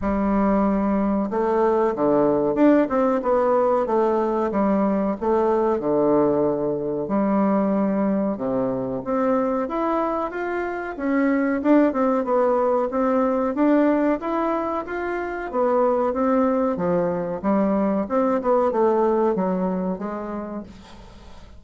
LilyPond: \new Staff \with { instrumentName = "bassoon" } { \time 4/4 \tempo 4 = 93 g2 a4 d4 | d'8 c'8 b4 a4 g4 | a4 d2 g4~ | g4 c4 c'4 e'4 |
f'4 cis'4 d'8 c'8 b4 | c'4 d'4 e'4 f'4 | b4 c'4 f4 g4 | c'8 b8 a4 fis4 gis4 | }